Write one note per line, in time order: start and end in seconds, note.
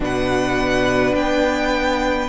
0.00 1.13 B2
0.00 2.29 D4
0.00 2.29 B4
0.00 1.15 F#5
1.14 2.29 B3
1.14 2.29 G5